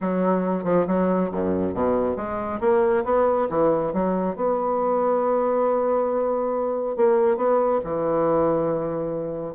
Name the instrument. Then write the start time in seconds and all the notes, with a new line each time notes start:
bassoon
0.00 F#3
0.64 F3
0.87 F#3
1.31 F#2
1.74 B2
2.16 G#3
2.60 A#3
3.04 B3
3.49 E3
3.93 F#3
4.36 B3
6.96 A#3
7.36 B3
7.84 E3